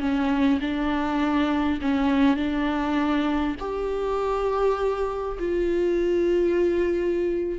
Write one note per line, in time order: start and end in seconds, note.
0.00 0.59 C#4
0.61 1.80 D4
1.82 2.37 C#4
2.37 3.56 D4
3.60 5.38 G4
5.39 7.59 F4